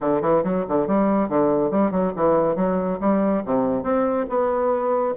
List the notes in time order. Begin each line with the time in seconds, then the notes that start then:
0.00 D3
0.21 E3
0.43 F#3
0.68 D3
0.87 G3
1.29 D3
1.70 G3
1.91 F#3
2.16 E3
2.55 F#3
3.00 G3
3.45 C3
3.83 C4
4.29 B3